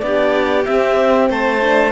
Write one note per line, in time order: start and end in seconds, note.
0.00 0.66 B3
0.00 0.66 D4
0.00 1.30 G4
0.00 0.64 D5
0.65 1.61 C4
0.65 1.30 C4
0.65 1.28 E5
1.30 1.92 A3
1.30 1.92 C5
1.30 1.92 A5
1.61 1.92 D4